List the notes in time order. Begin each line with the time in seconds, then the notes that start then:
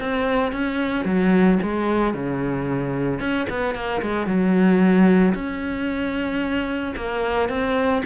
0.00 C4
0.52 C#4
1.05 F#3
1.62 G#3
2.14 C#3
3.20 C#4
3.49 B3
3.75 A#3
4.02 G#3
4.27 F#3
5.34 C#4
6.96 A#3
7.49 C4